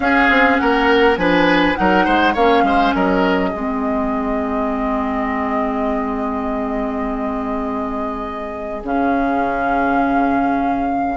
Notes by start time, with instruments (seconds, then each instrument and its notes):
0.00 bassoon C#4, clarinet C#4, oboe G#4, flute F5
0.29 bassoon C4
0.57 bassoon A#3, oboe A#4, flute F#5
1.16 bassoon F3, clarinet D4, oboe B4, flute G#5
1.75 bassoon F#3, clarinet D#4, oboe A#4, flute F#5
2.04 bassoon G#3, oboe C5
2.33 bassoon A#3, clarinet C#4, oboe C#5, flute F5
2.63 bassoon G#3, oboe C5
2.94 bassoon F#3, oboe A#4, flute D#5
3.49 bassoon G#3, clarinet C4, oboe G#4
8.83 bassoon C#3, clarinet C#4, flute F5